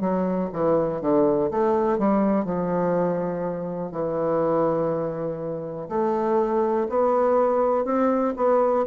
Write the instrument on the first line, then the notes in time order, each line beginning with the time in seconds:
bassoon
0.00 F#3
0.52 E3
1.01 D3
1.50 A3
1.98 G3
2.44 F3
3.91 E3
5.88 A3
6.89 B3
7.84 C4
8.36 B3